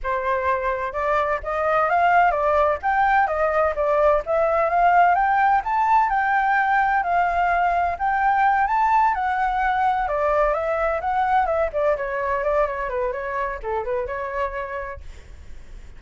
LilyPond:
\new Staff \with { instrumentName = "flute" } { \time 4/4 \tempo 4 = 128 c''2 d''4 dis''4 | f''4 d''4 g''4 dis''4 | d''4 e''4 f''4 g''4 | a''4 g''2 f''4~ |
f''4 g''4. a''4 fis''8~ | fis''4. d''4 e''4 fis''8~ | fis''8 e''8 d''8 cis''4 d''8 cis''8 b'8 | cis''4 a'8 b'8 cis''2 | }